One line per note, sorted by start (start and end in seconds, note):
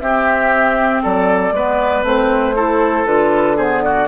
0.00 1.02 C4
0.00 1.53 C4
0.00 1.03 G4
0.00 1.02 E5
1.03 1.51 F#3
1.03 1.53 A4
1.03 2.05 D5
1.51 2.02 G#3
1.51 2.04 B3
1.51 2.56 B4
2.03 3.05 A3
2.03 2.54 C4
2.03 3.06 C5
2.56 3.06 E4
2.56 3.57 A4
3.05 4.07 D3
3.05 3.57 F4
3.05 3.57 B4
3.57 4.07 B3
3.57 3.82 G#4
3.57 3.83 C5
3.83 4.07 F#4
3.83 4.07 D5